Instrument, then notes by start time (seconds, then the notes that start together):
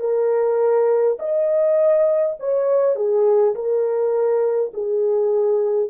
horn
0.00 A#4
1.19 D#5
2.40 C#5
2.96 G#4
3.55 A#4
4.73 G#4